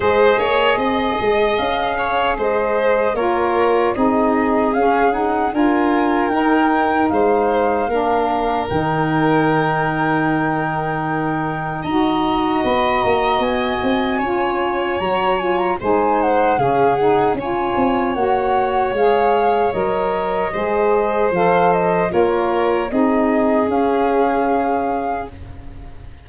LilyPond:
<<
  \new Staff \with { instrumentName = "flute" } { \time 4/4 \tempo 4 = 76 dis''2 f''4 dis''4 | cis''4 dis''4 f''8 fis''8 gis''4 | g''4 f''2 g''4~ | g''2. ais''4 |
b''8 ais''8 gis''2 ais''8 gis''16 ais''16 | gis''8 fis''8 f''8 fis''8 gis''4 fis''4 | f''4 dis''2 f''8 dis''8 | cis''4 dis''4 f''2 | }
  \new Staff \with { instrumentName = "violin" } { \time 4/4 c''8 cis''8 dis''4. cis''8 c''4 | ais'4 gis'2 ais'4~ | ais'4 c''4 ais'2~ | ais'2. dis''4~ |
dis''2 cis''2 | c''4 gis'4 cis''2~ | cis''2 c''2 | ais'4 gis'2. | }
  \new Staff \with { instrumentName = "saxophone" } { \time 4/4 gis'1 | f'4 dis'4 cis'8 dis'8 f'4 | dis'2 d'4 dis'4~ | dis'2. fis'4~ |
fis'2 f'4 fis'8 f'8 | dis'4 cis'8 dis'8 f'4 fis'4 | gis'4 ais'4 gis'4 a'4 | f'4 dis'4 cis'2 | }
  \new Staff \with { instrumentName = "tuba" } { \time 4/4 gis8 ais8 c'8 gis8 cis'4 gis4 | ais4 c'4 cis'4 d'4 | dis'4 gis4 ais4 dis4~ | dis2. dis'4 |
b8 ais8 b8 c'8 cis'4 fis4 | gis4 cis4 cis'8 c'8 ais4 | gis4 fis4 gis4 f4 | ais4 c'4 cis'2 | }
>>